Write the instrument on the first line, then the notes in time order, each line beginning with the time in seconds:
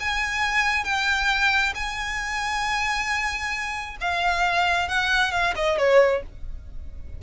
violin
0.00 G#5
0.84 G5
1.75 G#5
4.01 F5
4.88 F#5
5.32 F5
5.56 D#5
5.78 C#5